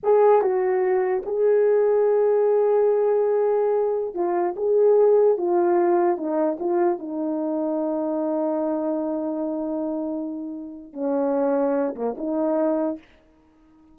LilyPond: \new Staff \with { instrumentName = "horn" } { \time 4/4 \tempo 4 = 148 gis'4 fis'2 gis'4~ | gis'1~ | gis'2~ gis'16 f'4 gis'8.~ | gis'4~ gis'16 f'2 dis'8.~ |
dis'16 f'4 dis'2~ dis'8.~ | dis'1~ | dis'2. cis'4~ | cis'4. ais8 dis'2 | }